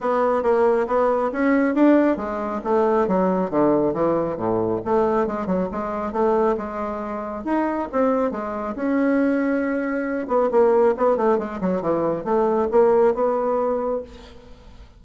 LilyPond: \new Staff \with { instrumentName = "bassoon" } { \time 4/4 \tempo 4 = 137 b4 ais4 b4 cis'4 | d'4 gis4 a4 fis4 | d4 e4 a,4 a4 | gis8 fis8 gis4 a4 gis4~ |
gis4 dis'4 c'4 gis4 | cis'2.~ cis'8 b8 | ais4 b8 a8 gis8 fis8 e4 | a4 ais4 b2 | }